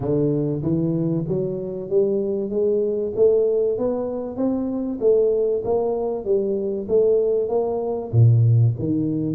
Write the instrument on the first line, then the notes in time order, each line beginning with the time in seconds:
tuba
0.00 D3
0.62 E3
1.28 F#3
1.89 G3
2.50 G#3
3.15 A3
3.78 B3
4.36 C4
5.00 A3
5.64 A#3
6.24 G3
6.88 A3
7.49 A#3
8.11 A#2
8.78 D#3